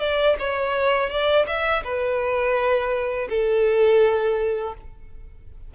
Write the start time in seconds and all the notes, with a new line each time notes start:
0.00 D5
0.39 C#5
1.10 D5
1.47 E5
1.84 B4
3.30 A4